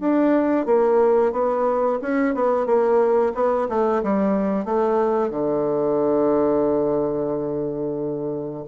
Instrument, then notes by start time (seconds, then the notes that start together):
bassoon
0.00 D4
0.66 A#3
1.32 B3
2.02 C#4
2.35 B3
2.66 A#3
3.35 B3
3.69 A3
4.03 G3
4.65 A3
5.31 D3